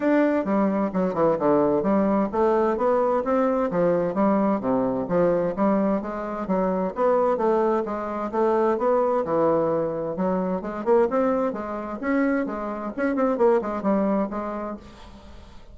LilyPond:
\new Staff \with { instrumentName = "bassoon" } { \time 4/4 \tempo 4 = 130 d'4 g4 fis8 e8 d4 | g4 a4 b4 c'4 | f4 g4 c4 f4 | g4 gis4 fis4 b4 |
a4 gis4 a4 b4 | e2 fis4 gis8 ais8 | c'4 gis4 cis'4 gis4 | cis'8 c'8 ais8 gis8 g4 gis4 | }